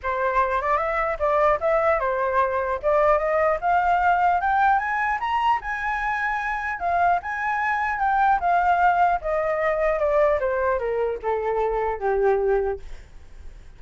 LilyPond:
\new Staff \with { instrumentName = "flute" } { \time 4/4 \tempo 4 = 150 c''4. d''8 e''4 d''4 | e''4 c''2 d''4 | dis''4 f''2 g''4 | gis''4 ais''4 gis''2~ |
gis''4 f''4 gis''2 | g''4 f''2 dis''4~ | dis''4 d''4 c''4 ais'4 | a'2 g'2 | }